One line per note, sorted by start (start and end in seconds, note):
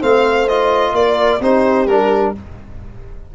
0.00 0.92 A3
0.00 0.48 C4
0.00 0.93 C5
0.00 0.48 F5
0.48 1.41 F4
0.48 0.95 D#5
0.92 1.39 A#3
0.92 1.41 A#4
0.92 1.41 D5
1.40 1.86 C4
1.40 1.88 D#4
1.40 2.34 G4
1.40 1.86 C5
1.86 2.33 G3
1.86 2.35 D4
1.86 2.33 A#4